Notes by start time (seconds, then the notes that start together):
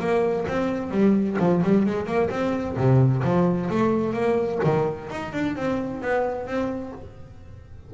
0.00 A#3
0.48 C4
0.91 G3
1.40 F3
1.64 G3
1.86 G#3
2.07 A#3
2.31 C4
2.77 C3
3.24 F3
3.70 A3
4.13 A#3
4.65 D#3
5.11 D#4
5.33 D4
5.56 C4
6.02 B3
6.47 C4